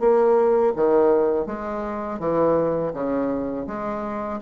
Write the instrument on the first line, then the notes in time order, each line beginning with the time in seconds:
bassoon
0.00 A#3
0.76 D#3
1.46 G#3
2.20 E3
2.94 C#3
3.68 G#3